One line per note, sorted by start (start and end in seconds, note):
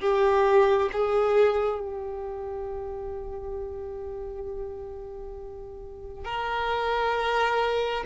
0.00 0.90 G4
0.92 1.79 G#4
1.79 6.24 G4
6.24 8.04 A#4